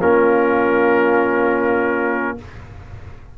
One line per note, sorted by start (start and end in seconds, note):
0.00 2.38 A#3
0.00 2.38 C#4
0.00 2.37 F4
0.00 2.38 A#4